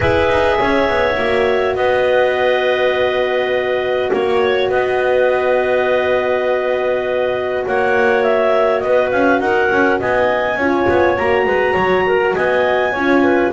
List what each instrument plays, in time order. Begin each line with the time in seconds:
0.00 double bass E4, horn G#4, clarinet B4 E5
0.29 double bass D#4
0.58 double bass C#4, clarinet C#5
0.88 double bass B3
1.17 double bass A#3, horn F#4
1.75 double bass B3, clarinet B4 D#5
4.11 double bass A#3, clarinet C#5
4.69 double bass B3, clarinet B4 D#5
7.66 double bass A#3, clarinet C#5 F#5
8.22 clarinet E5
8.80 double bass B3, clarinet B4 D#5
9.10 double bass C#4, clarinet F5
9.40 double bass D#4, clarinet A#4 F#5
9.71 double bass C#4
9.99 double bass B3, clarinet D#5 G#5
10.56 double bass C#4, horn F4, clarinet C#5
10.88 double bass B3
11.17 double bass A#3, horn F#4, clarinet A#5
11.45 double bass G#3, clarinet B4
11.73 double bass F#3, clarinet C#5
12.06 clarinet A#4
12.34 double bass B3, clarinet D#5 G#5
12.92 double bass C#4, horn F4, clarinet C#5
13.23 clarinet B4